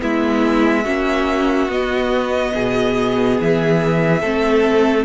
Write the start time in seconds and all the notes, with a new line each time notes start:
0.00 G#3 B3 E4 E5
0.84 A#3 C#4 F#4
1.68 B3 D#5
2.55 B2 G#4
3.40 E3 E5
4.21 A3 C4 A4